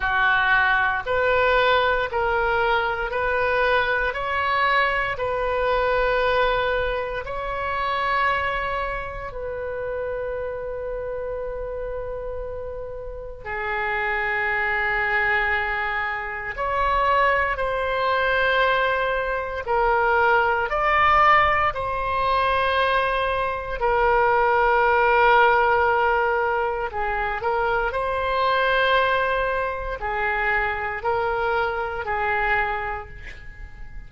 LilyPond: \new Staff \with { instrumentName = "oboe" } { \time 4/4 \tempo 4 = 58 fis'4 b'4 ais'4 b'4 | cis''4 b'2 cis''4~ | cis''4 b'2.~ | b'4 gis'2. |
cis''4 c''2 ais'4 | d''4 c''2 ais'4~ | ais'2 gis'8 ais'8 c''4~ | c''4 gis'4 ais'4 gis'4 | }